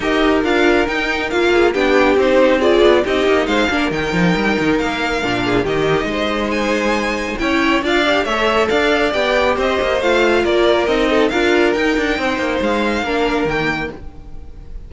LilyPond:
<<
  \new Staff \with { instrumentName = "violin" } { \time 4/4 \tempo 4 = 138 dis''4 f''4 g''4 f''4 | g''4 c''4 d''4 dis''4 | f''4 g''2 f''4~ | f''4 dis''2 gis''4~ |
gis''4 g''4 f''4 e''4 | f''4 g''4 dis''4 f''4 | d''4 dis''4 f''4 g''4~ | g''4 f''2 g''4 | }
  \new Staff \with { instrumentName = "violin" } { \time 4/4 ais'2.~ ais'8 gis'8 | g'2 gis'4 g'4 | c''8 ais'2.~ ais'8~ | ais'8 gis'8 g'4 c''2~ |
c''4 cis''4 d''4 cis''4 | d''2 c''2 | ais'4. a'8 ais'2 | c''2 ais'2 | }
  \new Staff \with { instrumentName = "viola" } { \time 4/4 g'4 f'4 dis'4 f'4 | d'4 dis'4 f'4 dis'4~ | dis'8 d'8 dis'2. | d'4 dis'2.~ |
dis'4 e'4 f'8 g'8 a'4~ | a'4 g'2 f'4~ | f'4 dis'4 f'4 dis'4~ | dis'2 d'4 ais4 | }
  \new Staff \with { instrumentName = "cello" } { \time 4/4 dis'4 d'4 dis'4 ais4 | b4 c'4. b8 c'8 ais8 | gis8 ais8 dis8 f8 g8 dis8 ais4 | ais,4 dis4 gis2~ |
gis4 cis'4 d'4 a4 | d'4 b4 c'8 ais8 a4 | ais4 c'4 d'4 dis'8 d'8 | c'8 ais8 gis4 ais4 dis4 | }
>>